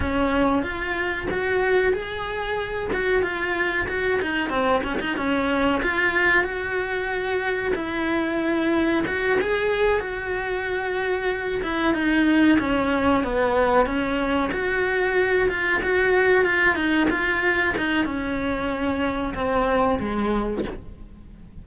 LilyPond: \new Staff \with { instrumentName = "cello" } { \time 4/4 \tempo 4 = 93 cis'4 f'4 fis'4 gis'4~ | gis'8 fis'8 f'4 fis'8 dis'8 c'8 cis'16 dis'16 | cis'4 f'4 fis'2 | e'2 fis'8 gis'4 fis'8~ |
fis'2 e'8 dis'4 cis'8~ | cis'8 b4 cis'4 fis'4. | f'8 fis'4 f'8 dis'8 f'4 dis'8 | cis'2 c'4 gis4 | }